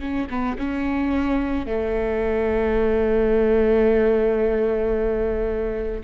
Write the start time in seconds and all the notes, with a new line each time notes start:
0.00 C#4
0.30 B3
0.59 C#4
1.67 A3